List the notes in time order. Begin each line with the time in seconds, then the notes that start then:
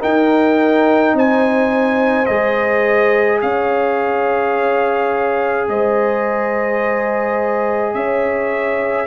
0.00 D#4 A#4 G5
1.14 C4 C5 G#5
2.26 G#3 G#4 D#5
3.42 C#4 C#5 F5
5.68 G#3 C5 D#5
7.94 C#4 C#5 E5